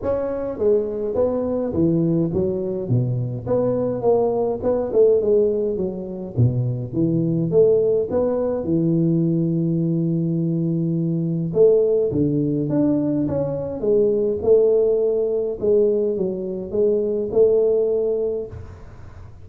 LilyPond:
\new Staff \with { instrumentName = "tuba" } { \time 4/4 \tempo 4 = 104 cis'4 gis4 b4 e4 | fis4 b,4 b4 ais4 | b8 a8 gis4 fis4 b,4 | e4 a4 b4 e4~ |
e1 | a4 d4 d'4 cis'4 | gis4 a2 gis4 | fis4 gis4 a2 | }